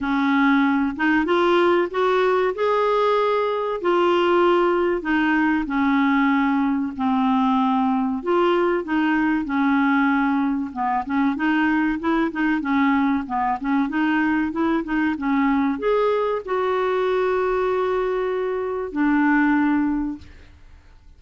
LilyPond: \new Staff \with { instrumentName = "clarinet" } { \time 4/4 \tempo 4 = 95 cis'4. dis'8 f'4 fis'4 | gis'2 f'2 | dis'4 cis'2 c'4~ | c'4 f'4 dis'4 cis'4~ |
cis'4 b8 cis'8 dis'4 e'8 dis'8 | cis'4 b8 cis'8 dis'4 e'8 dis'8 | cis'4 gis'4 fis'2~ | fis'2 d'2 | }